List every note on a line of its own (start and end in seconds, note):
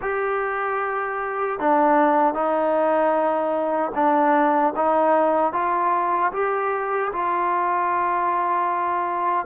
0.01 1.59 G4
1.59 2.34 D4
2.34 3.92 D#4
3.94 4.73 D4
4.75 5.53 D#4
5.53 6.32 F4
6.32 7.11 G4
7.12 9.46 F4